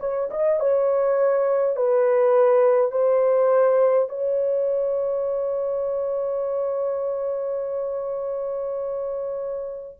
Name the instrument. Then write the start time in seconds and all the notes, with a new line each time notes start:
horn
0.00 C#5
0.31 D#5
0.60 C#5
1.76 B4
2.92 C5
4.09 C#5